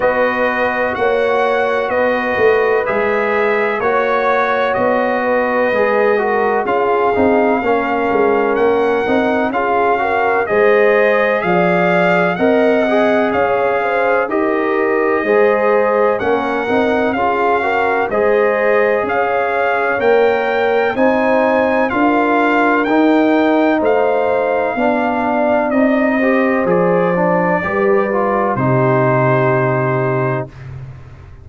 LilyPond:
<<
  \new Staff \with { instrumentName = "trumpet" } { \time 4/4 \tempo 4 = 63 dis''4 fis''4 dis''4 e''4 | cis''4 dis''2 f''4~ | f''4 fis''4 f''4 dis''4 | f''4 fis''4 f''4 dis''4~ |
dis''4 fis''4 f''4 dis''4 | f''4 g''4 gis''4 f''4 | g''4 f''2 dis''4 | d''2 c''2 | }
  \new Staff \with { instrumentName = "horn" } { \time 4/4 b'4 cis''4 b'2 | cis''4. b'4 ais'8 gis'4 | ais'2 gis'8 ais'8 c''4 | d''4 dis''4 cis''8 c''8 ais'4 |
c''4 ais'4 gis'8 ais'8 c''4 | cis''2 c''4 ais'4~ | ais'4 c''4 d''4. c''8~ | c''4 b'4 g'2 | }
  \new Staff \with { instrumentName = "trombone" } { \time 4/4 fis'2. gis'4 | fis'2 gis'8 fis'8 f'8 dis'8 | cis'4. dis'8 f'8 fis'8 gis'4~ | gis'4 ais'8 gis'4. g'4 |
gis'4 cis'8 dis'8 f'8 fis'8 gis'4~ | gis'4 ais'4 dis'4 f'4 | dis'2 d'4 dis'8 g'8 | gis'8 d'8 g'8 f'8 dis'2 | }
  \new Staff \with { instrumentName = "tuba" } { \time 4/4 b4 ais4 b8 a8 gis4 | ais4 b4 gis4 cis'8 c'8 | ais8 gis8 ais8 c'8 cis'4 gis4 | f4 c'4 cis'4 dis'4 |
gis4 ais8 c'8 cis'4 gis4 | cis'4 ais4 c'4 d'4 | dis'4 a4 b4 c'4 | f4 g4 c2 | }
>>